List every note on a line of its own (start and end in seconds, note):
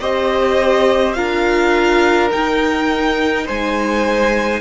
0.00 1.16 C4
0.00 1.15 G4
0.00 1.17 C5
0.00 1.13 D#5
1.13 2.32 D4
1.13 2.31 F4
1.13 3.46 A#4
1.13 2.29 F5
2.31 4.61 D#4
2.31 3.49 D#4
2.31 3.47 G5
3.46 4.61 G#3
3.46 4.61 C5
3.46 4.61 G#5